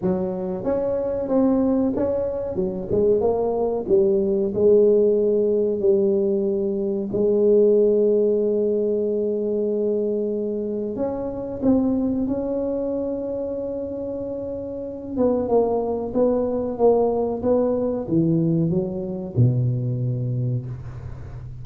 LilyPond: \new Staff \with { instrumentName = "tuba" } { \time 4/4 \tempo 4 = 93 fis4 cis'4 c'4 cis'4 | fis8 gis8 ais4 g4 gis4~ | gis4 g2 gis4~ | gis1~ |
gis4 cis'4 c'4 cis'4~ | cis'2.~ cis'8 b8 | ais4 b4 ais4 b4 | e4 fis4 b,2 | }